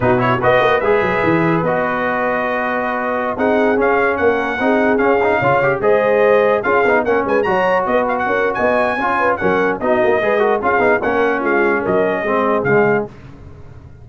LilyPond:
<<
  \new Staff \with { instrumentName = "trumpet" } { \time 4/4 \tempo 4 = 147 b'8 cis''8 dis''4 e''2 | dis''1~ | dis''16 fis''4 f''4 fis''4.~ fis''16~ | fis''16 f''2 dis''4.~ dis''16~ |
dis''16 f''4 fis''8 gis''8 ais''4 dis''8 f''16 | fis''4 gis''2 fis''4 | dis''2 f''4 fis''4 | f''4 dis''2 f''4 | }
  \new Staff \with { instrumentName = "horn" } { \time 4/4 fis'4 b'2.~ | b'1~ | b'16 gis'2 ais'4 gis'8.~ | gis'4~ gis'16 cis''4 c''4.~ c''16~ |
c''16 gis'4 ais'8 b'8 cis''4 b'8.~ | b'16 ais'8. dis''4 cis''8 b'8 ais'4 | fis'4 b'8 ais'8 gis'4 ais'4 | f'4 ais'4 gis'2 | }
  \new Staff \with { instrumentName = "trombone" } { \time 4/4 dis'8 e'8 fis'4 gis'2 | fis'1~ | fis'16 dis'4 cis'2 dis'8.~ | dis'16 cis'8 dis'8 f'8 g'8 gis'4.~ gis'16~ |
gis'16 f'8 dis'8 cis'4 fis'4.~ fis'16~ | fis'2 f'4 cis'4 | dis'4 gis'8 fis'8 f'8 dis'8 cis'4~ | cis'2 c'4 gis4 | }
  \new Staff \with { instrumentName = "tuba" } { \time 4/4 b,4 b8 ais8 gis8 fis8 e4 | b1~ | b16 c'4 cis'4 ais4 c'8.~ | c'16 cis'4 cis4 gis4.~ gis16~ |
gis16 cis'8 b8 ais8 gis8 fis4 b8.~ | b16 cis'8. b4 cis'4 fis4 | b8 ais8 gis4 cis'8 b8 ais4 | gis4 fis4 gis4 cis4 | }
>>